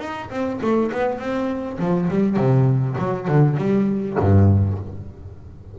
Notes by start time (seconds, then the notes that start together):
0.00 D#4
0.31 C4
0.62 A3
0.92 B3
1.19 C4
1.80 F3
2.10 G3
2.37 C3
2.99 F#3
3.28 D3
3.58 G3
4.20 G2